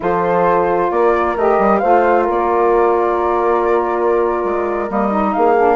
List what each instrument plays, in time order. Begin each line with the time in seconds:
0.00 bassoon F3, saxophone F4, horn A4, flute C5
0.90 bassoon A#3, horn A#4, flute D5
1.36 bassoon A3, saxophone G4, flute D#5
1.58 bassoon G3
1.78 bassoon A3, saxophone F4, horn C5, flute F5
2.24 bassoon A#3, horn A#4, flute D5
4.43 bassoon G#3
4.87 bassoon G3, saxophone A#3, flute D#5
5.10 saxophone D#4
5.33 bassoon A#3, horn G#4, flute F5
5.56 saxophone D4